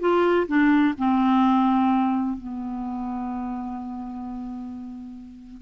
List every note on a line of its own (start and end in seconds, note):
0.00 0.47 F4
0.48 0.95 D4
0.98 2.37 C4
2.37 5.62 B3